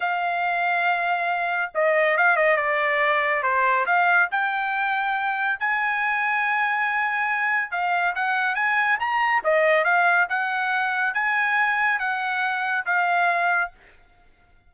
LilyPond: \new Staff \with { instrumentName = "trumpet" } { \time 4/4 \tempo 4 = 140 f''1 | dis''4 f''8 dis''8 d''2 | c''4 f''4 g''2~ | g''4 gis''2.~ |
gis''2 f''4 fis''4 | gis''4 ais''4 dis''4 f''4 | fis''2 gis''2 | fis''2 f''2 | }